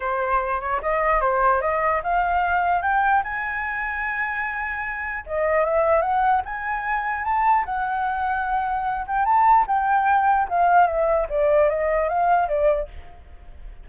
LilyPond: \new Staff \with { instrumentName = "flute" } { \time 4/4 \tempo 4 = 149 c''4. cis''8 dis''4 c''4 | dis''4 f''2 g''4 | gis''1~ | gis''4 dis''4 e''4 fis''4 |
gis''2 a''4 fis''4~ | fis''2~ fis''8 g''8 a''4 | g''2 f''4 e''4 | d''4 dis''4 f''4 d''4 | }